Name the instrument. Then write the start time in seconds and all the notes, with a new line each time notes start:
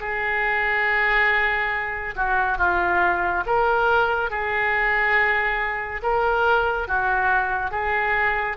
oboe
0.00 G#4
2.15 F#4
2.58 F4
3.46 A#4
4.30 G#4
6.02 A#4
6.88 F#4
7.71 G#4